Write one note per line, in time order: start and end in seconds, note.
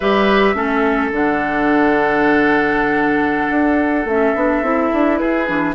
0.00 0.54 G3
0.00 0.55 G4
0.00 0.55 B4
0.00 1.10 E5
0.54 1.10 A3
0.54 1.11 C#4
0.54 5.19 A4
1.11 3.50 D3
1.11 4.06 D4
1.11 4.08 F#5
3.50 4.04 D4
4.04 4.32 A3
4.04 4.35 C#4
4.04 5.17 E5
4.34 4.62 B3
4.34 4.63 D4
4.62 4.90 C4
4.62 5.46 E4
4.93 5.20 D4
5.17 5.48 E4
5.17 5.74 G#4
5.17 5.73 B4
5.46 5.74 E3
5.46 5.74 D4